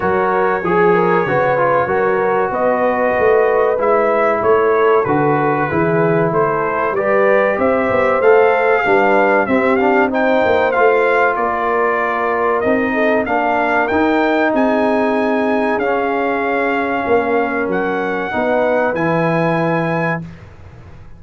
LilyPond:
<<
  \new Staff \with { instrumentName = "trumpet" } { \time 4/4 \tempo 4 = 95 cis''1 | dis''2 e''4 cis''4 | b'2 c''4 d''4 | e''4 f''2 e''8 f''8 |
g''4 f''4 d''2 | dis''4 f''4 g''4 gis''4~ | gis''4 f''2. | fis''2 gis''2 | }
  \new Staff \with { instrumentName = "horn" } { \time 4/4 ais'4 gis'8 ais'8 b'4 ais'4 | b'2. a'4~ | a'4 gis'4 a'4 b'4 | c''2 b'4 g'4 |
c''2 ais'2~ | ais'8 a'8 ais'2 gis'4~ | gis'2. ais'4~ | ais'4 b'2. | }
  \new Staff \with { instrumentName = "trombone" } { \time 4/4 fis'4 gis'4 fis'8 f'8 fis'4~ | fis'2 e'2 | fis'4 e'2 g'4~ | g'4 a'4 d'4 c'8 d'8 |
dis'4 f'2. | dis'4 d'4 dis'2~ | dis'4 cis'2.~ | cis'4 dis'4 e'2 | }
  \new Staff \with { instrumentName = "tuba" } { \time 4/4 fis4 f4 cis4 fis4 | b4 a4 gis4 a4 | d4 e4 a4 g4 | c'8 b8 a4 g4 c'4~ |
c'8 ais8 a4 ais2 | c'4 ais4 dis'4 c'4~ | c'4 cis'2 ais4 | fis4 b4 e2 | }
>>